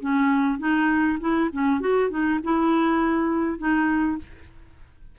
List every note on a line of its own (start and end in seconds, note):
0.00 0.59 C#4
0.59 1.18 D#4
1.20 1.50 E4
1.52 1.81 C#4
1.81 2.10 F#4
2.10 2.40 D#4
2.44 3.59 E4
3.59 4.18 D#4